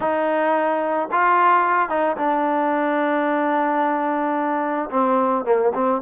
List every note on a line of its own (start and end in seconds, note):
0.00 1.09 D#4
1.11 1.89 F4
1.89 2.16 D#4
2.16 4.89 D4
4.90 5.44 C4
5.44 5.72 A#3
5.74 6.01 C4